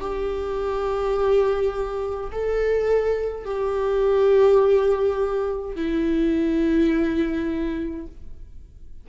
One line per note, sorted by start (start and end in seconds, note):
0.00 2.31 G4
2.32 3.45 A4
3.45 5.76 G4
5.76 8.07 E4